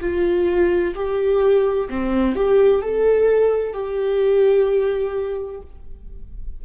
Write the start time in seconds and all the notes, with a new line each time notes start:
0.00 F4
0.94 G4
1.89 C4
2.35 G4
2.82 A4
3.73 G4